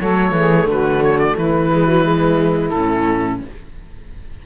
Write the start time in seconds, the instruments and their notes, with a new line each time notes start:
0.00 cello F#3, viola A3, saxophone A4, oboe C#5
0.32 cello E3, saxophone G#4
0.66 cello D3, saxophone F#4, oboe B4
1.04 oboe C#5
1.19 oboe D5
1.36 cello E3, saxophone E4, oboe B4
1.72 viola G#3
1.87 viola F#3
2.03 viola G#3
2.70 cello A2, oboe A4
2.77 viola C#4